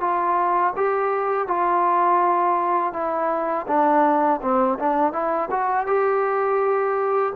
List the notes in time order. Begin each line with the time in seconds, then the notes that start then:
0.00 F4
0.76 G4
1.47 F4
2.93 E4
3.68 D4
4.42 C4
4.79 D4
5.12 E4
5.50 F#4
5.87 G4